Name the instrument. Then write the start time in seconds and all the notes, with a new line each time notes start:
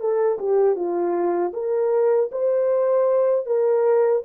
horn
0.00 A4
0.38 G4
0.75 F4
1.53 A#4
2.31 C5
3.46 A#4